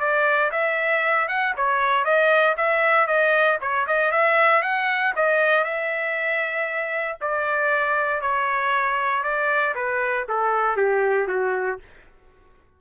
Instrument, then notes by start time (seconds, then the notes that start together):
trumpet
0.00 D5
0.52 E5
1.28 F#5
1.57 C#5
2.05 D#5
2.57 E5
3.07 D#5
3.61 C#5
3.87 D#5
4.12 E5
4.62 F#5
5.16 D#5
5.64 E5
7.21 D5
8.21 C#5
9.24 D5
9.76 B4
10.29 A4
10.77 G4
11.28 F#4